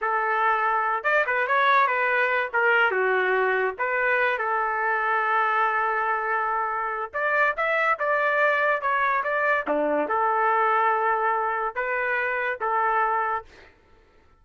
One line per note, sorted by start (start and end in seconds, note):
0.01 1.03 A4
1.03 1.24 D5
1.26 1.47 B4
1.47 1.87 C#5
1.87 2.50 B4
2.53 2.91 A#4
2.91 3.75 F#4
3.78 4.38 B4
4.38 7.11 A4
7.13 7.55 D5
7.56 7.98 E5
7.99 8.81 D5
8.81 9.23 C#5
9.23 9.65 D5
9.67 10.08 D4
10.08 11.75 A4
11.75 12.59 B4
12.60 13.44 A4